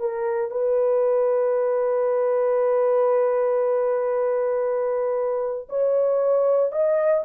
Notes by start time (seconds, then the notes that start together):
0.00 A#4
0.51 B4
5.69 C#5
6.72 D#5